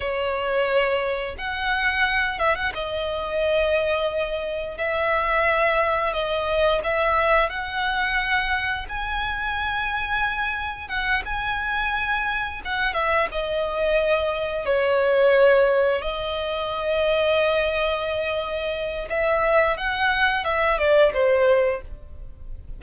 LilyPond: \new Staff \with { instrumentName = "violin" } { \time 4/4 \tempo 4 = 88 cis''2 fis''4. e''16 fis''16 | dis''2. e''4~ | e''4 dis''4 e''4 fis''4~ | fis''4 gis''2. |
fis''8 gis''2 fis''8 e''8 dis''8~ | dis''4. cis''2 dis''8~ | dis''1 | e''4 fis''4 e''8 d''8 c''4 | }